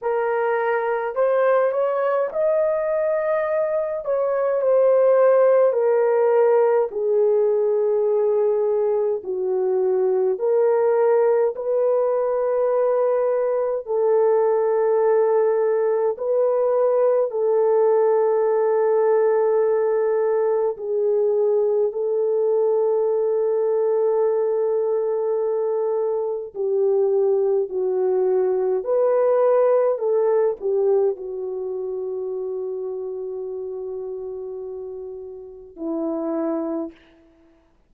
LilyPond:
\new Staff \with { instrumentName = "horn" } { \time 4/4 \tempo 4 = 52 ais'4 c''8 cis''8 dis''4. cis''8 | c''4 ais'4 gis'2 | fis'4 ais'4 b'2 | a'2 b'4 a'4~ |
a'2 gis'4 a'4~ | a'2. g'4 | fis'4 b'4 a'8 g'8 fis'4~ | fis'2. e'4 | }